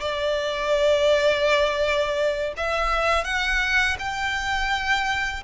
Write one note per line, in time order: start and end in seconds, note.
0.00 2.53 D5
2.57 3.24 E5
3.24 3.96 F#5
3.99 5.43 G5